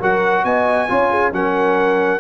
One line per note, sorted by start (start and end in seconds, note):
0.00 0.45 F#3
0.00 0.89 F#4
0.00 0.44 A#4
0.00 0.45 F#5
0.45 0.89 B3
0.45 0.90 D#5
0.45 1.33 G#5
0.89 1.32 C#4
0.89 1.33 F4
0.89 1.11 C#5
1.11 1.33 G#4
1.32 2.20 F#3
1.32 2.20 C#4
1.32 2.20 A#4
1.32 2.20 F#5